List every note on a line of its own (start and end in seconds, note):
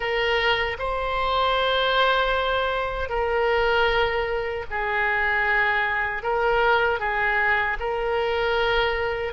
0.00 0.77 A#4
0.78 3.09 C5
3.09 4.65 A#4
4.70 6.23 G#4
6.23 6.99 A#4
6.99 7.77 G#4
7.79 9.33 A#4